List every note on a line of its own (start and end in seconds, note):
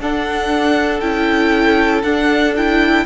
0.00 1.02 D4
0.00 3.06 A4
0.00 1.00 F#5
1.00 2.04 C#4
1.00 2.04 E4
1.00 2.02 G5
2.03 3.05 D4
2.03 2.55 D4
2.03 2.54 F#5
2.57 3.06 E4
2.57 3.06 G5